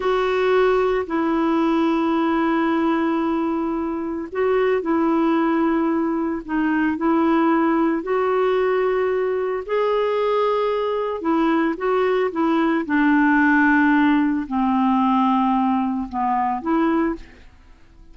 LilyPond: \new Staff \with { instrumentName = "clarinet" } { \time 4/4 \tempo 4 = 112 fis'2 e'2~ | e'1 | fis'4 e'2. | dis'4 e'2 fis'4~ |
fis'2 gis'2~ | gis'4 e'4 fis'4 e'4 | d'2. c'4~ | c'2 b4 e'4 | }